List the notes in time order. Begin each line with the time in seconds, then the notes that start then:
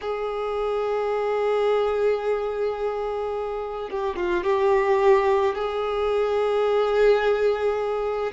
0.01 G#4
3.89 G4
4.16 F4
4.43 G4
5.55 G#4